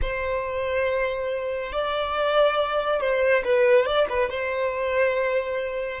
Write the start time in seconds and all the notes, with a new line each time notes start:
0.01 C5
1.72 D5
3.00 C5
3.44 B4
3.85 D5
4.09 B4
4.29 C5